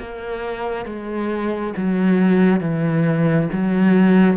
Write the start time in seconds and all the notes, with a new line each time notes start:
0.00 A#3
0.86 G#3
1.77 F#3
2.61 E3
3.53 F#3